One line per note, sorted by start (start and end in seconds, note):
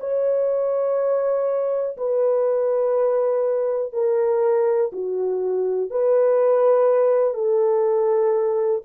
0.00 1.97 C#5
1.97 3.93 B4
3.93 4.91 A#4
4.92 5.90 F#4
5.90 7.34 B4
7.34 8.81 A4